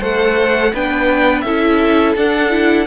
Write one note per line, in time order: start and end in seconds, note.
0.00 0.73 A3
0.00 0.73 A4
0.00 0.71 C5
0.00 0.75 F#5
0.74 1.44 B3
0.74 1.46 D4
0.74 1.45 B4
0.74 1.42 G5
1.42 2.15 C#4
1.42 2.17 E4
1.42 2.87 A4
1.42 2.13 E5
2.16 2.87 D4
2.16 2.50 D4
2.16 2.87 F#5
2.50 2.86 E4